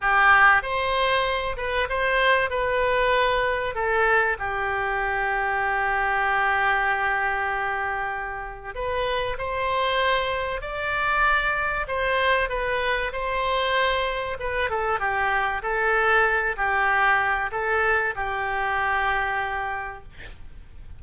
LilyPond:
\new Staff \with { instrumentName = "oboe" } { \time 4/4 \tempo 4 = 96 g'4 c''4. b'8 c''4 | b'2 a'4 g'4~ | g'1~ | g'2 b'4 c''4~ |
c''4 d''2 c''4 | b'4 c''2 b'8 a'8 | g'4 a'4. g'4. | a'4 g'2. | }